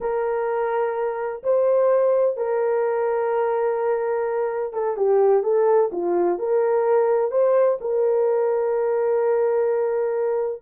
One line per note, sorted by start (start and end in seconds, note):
0.01 1.42 A#4
1.43 2.36 C5
2.36 4.73 A#4
4.73 4.96 A4
4.96 5.43 G4
5.43 5.90 A4
5.92 6.38 F4
6.38 7.31 A#4
7.31 7.78 C5
7.81 10.62 A#4